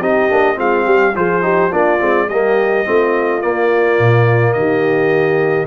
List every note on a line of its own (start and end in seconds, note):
0.00 0.28 C4
0.00 0.30 D#4
0.00 0.57 G4
0.00 0.58 D#5
0.30 0.58 A#3
0.30 0.55 D4
0.55 0.86 G#3
0.55 1.12 C4
0.55 0.85 F4
0.55 1.16 F5
0.85 1.15 G3
0.85 1.13 G4
1.15 1.71 F3
1.15 1.42 F4
1.15 1.43 G#4
1.15 1.72 C5
1.42 1.70 D#4
1.42 1.71 G4
1.70 2.00 A#3
1.70 1.99 D4
1.70 2.27 F4
1.70 2.29 D5
1.99 2.29 G#3
1.99 2.28 C4
2.29 2.85 G3
2.29 2.85 A#3
2.29 2.85 G4
2.29 3.41 D#5
2.85 3.43 A3
2.85 3.41 C4
2.85 4.55 F4
3.41 5.66 A#3
3.41 3.99 A#3
3.41 4.53 D5
3.99 4.55 A#2
4.53 5.66 D#3
4.53 5.66 G4
4.53 5.66 D#5